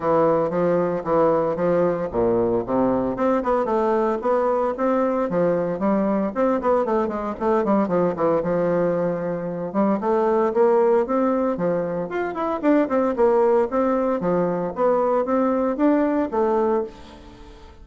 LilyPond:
\new Staff \with { instrumentName = "bassoon" } { \time 4/4 \tempo 4 = 114 e4 f4 e4 f4 | ais,4 c4 c'8 b8 a4 | b4 c'4 f4 g4 | c'8 b8 a8 gis8 a8 g8 f8 e8 |
f2~ f8 g8 a4 | ais4 c'4 f4 f'8 e'8 | d'8 c'8 ais4 c'4 f4 | b4 c'4 d'4 a4 | }